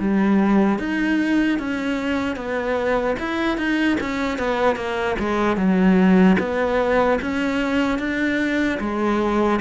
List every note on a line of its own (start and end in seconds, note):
0.00 0.79 G3
0.79 1.59 D#4
1.59 2.37 C#4
2.37 3.17 B3
3.20 3.58 E4
3.58 3.98 D#4
4.01 4.39 C#4
4.39 4.76 B3
4.76 5.16 A#3
5.20 5.57 G#3
5.57 6.37 F#3
6.40 7.20 B3
7.22 7.99 C#4
7.99 8.79 D4
8.80 9.60 G#3